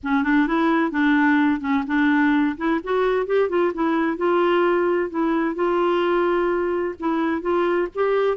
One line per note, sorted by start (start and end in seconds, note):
0.03 0.23 C#4
0.23 0.47 D4
0.47 0.91 E4
0.91 1.60 D4
1.60 1.84 C#4
1.86 2.56 D4
2.57 2.80 E4
2.83 3.26 F#4
3.26 3.49 G4
3.49 3.72 F4
3.73 4.17 E4
4.17 5.10 F4
5.10 5.55 E4
5.55 6.95 F4
6.99 7.41 E4
7.41 7.88 F4
7.94 8.37 G4